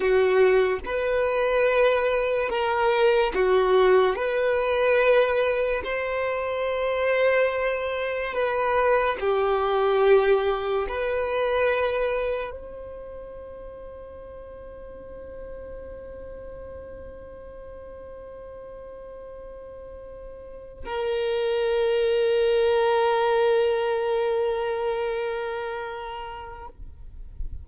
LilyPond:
\new Staff \with { instrumentName = "violin" } { \time 4/4 \tempo 4 = 72 fis'4 b'2 ais'4 | fis'4 b'2 c''4~ | c''2 b'4 g'4~ | g'4 b'2 c''4~ |
c''1~ | c''1~ | c''4 ais'2.~ | ais'1 | }